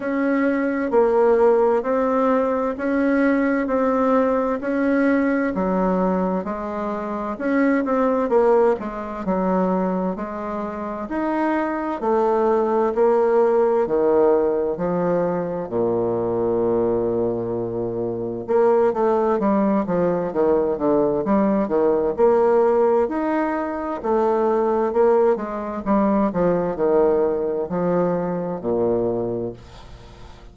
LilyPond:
\new Staff \with { instrumentName = "bassoon" } { \time 4/4 \tempo 4 = 65 cis'4 ais4 c'4 cis'4 | c'4 cis'4 fis4 gis4 | cis'8 c'8 ais8 gis8 fis4 gis4 | dis'4 a4 ais4 dis4 |
f4 ais,2. | ais8 a8 g8 f8 dis8 d8 g8 dis8 | ais4 dis'4 a4 ais8 gis8 | g8 f8 dis4 f4 ais,4 | }